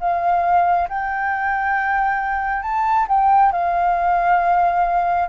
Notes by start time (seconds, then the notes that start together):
0.00 F5
0.89 G5
2.62 A5
3.08 G5
3.52 F5